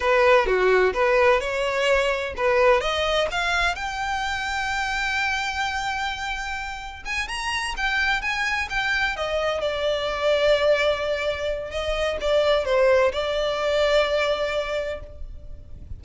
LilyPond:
\new Staff \with { instrumentName = "violin" } { \time 4/4 \tempo 4 = 128 b'4 fis'4 b'4 cis''4~ | cis''4 b'4 dis''4 f''4 | g''1~ | g''2. gis''8 ais''8~ |
ais''8 g''4 gis''4 g''4 dis''8~ | dis''8 d''2.~ d''8~ | d''4 dis''4 d''4 c''4 | d''1 | }